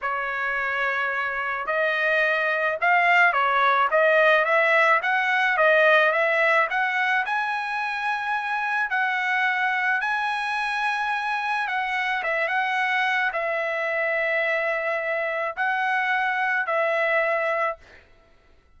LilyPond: \new Staff \with { instrumentName = "trumpet" } { \time 4/4 \tempo 4 = 108 cis''2. dis''4~ | dis''4 f''4 cis''4 dis''4 | e''4 fis''4 dis''4 e''4 | fis''4 gis''2. |
fis''2 gis''2~ | gis''4 fis''4 e''8 fis''4. | e''1 | fis''2 e''2 | }